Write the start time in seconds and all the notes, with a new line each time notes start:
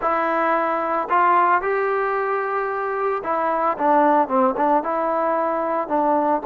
0.01 E4
1.09 F4
1.61 G4
3.23 E4
3.78 D4
4.28 C4
4.56 D4
4.83 E4
5.88 D4